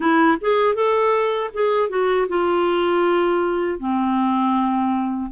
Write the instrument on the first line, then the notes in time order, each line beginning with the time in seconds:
clarinet
0.00 E4
0.40 G#4
0.74 A4
1.53 G#4
1.89 F#4
2.28 F4
3.79 C4